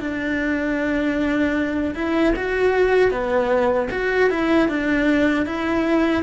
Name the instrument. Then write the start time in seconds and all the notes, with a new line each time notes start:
cello
0.00 D4
1.95 E4
2.36 F#4
3.11 B3
3.91 F#4
4.30 E4
4.69 D4
5.47 E4